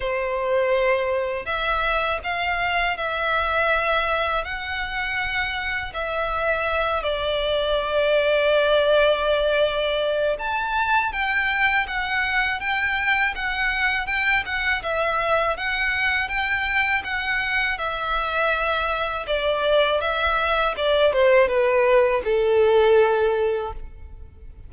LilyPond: \new Staff \with { instrumentName = "violin" } { \time 4/4 \tempo 4 = 81 c''2 e''4 f''4 | e''2 fis''2 | e''4. d''2~ d''8~ | d''2 a''4 g''4 |
fis''4 g''4 fis''4 g''8 fis''8 | e''4 fis''4 g''4 fis''4 | e''2 d''4 e''4 | d''8 c''8 b'4 a'2 | }